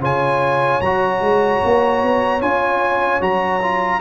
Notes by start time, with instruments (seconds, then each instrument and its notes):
0.00 tuba C#3, trombone F4, horn C#5, trumpet G#5
0.80 tuba F#3, trombone F#4, trumpet A#5
1.20 tuba G#3
1.64 tuba A#3
2.03 tuba B3
2.41 tuba C#4, trombone F4, trumpet G#5
3.20 tuba F#3, trombone F#4, trumpet A#5
3.62 trombone F4